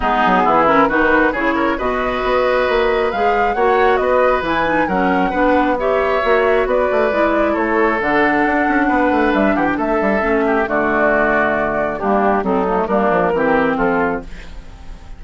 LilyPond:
<<
  \new Staff \with { instrumentName = "flute" } { \time 4/4 \tempo 4 = 135 gis'4. ais'8 b'4 cis''4 | dis''2. f''4 | fis''4 dis''4 gis''4 fis''4~ | fis''4 e''2 d''4~ |
d''4 cis''4 fis''2~ | fis''4 e''8 fis''16 g''16 e''2 | d''2. g'4 | a'4 ais'2 a'4 | }
  \new Staff \with { instrumentName = "oboe" } { \time 4/4 dis'4 e'4 fis'4 gis'8 ais'8 | b'1 | cis''4 b'2 ais'4 | b'4 cis''2 b'4~ |
b'4 a'2. | b'4. g'8 a'4. g'8 | fis'2. d'4 | dis'4 d'4 g'4 f'4 | }
  \new Staff \with { instrumentName = "clarinet" } { \time 4/4 b4. cis'8 dis'4 e'4 | fis'2. gis'4 | fis'2 e'8 dis'8 cis'4 | d'4 g'4 fis'2 |
e'2 d'2~ | d'2. cis'4 | a2. ais4 | c'8 ais16 a16 ais4 c'2 | }
  \new Staff \with { instrumentName = "bassoon" } { \time 4/4 gis8 fis8 e4 dis4 cis4 | b,4 b4 ais4 gis4 | ais4 b4 e4 fis4 | b2 ais4 b8 a8 |
gis4 a4 d4 d'8 cis'8 | b8 a8 g8 e8 a8 g8 a4 | d2. g4 | fis4 g8 f8 e4 f4 | }
>>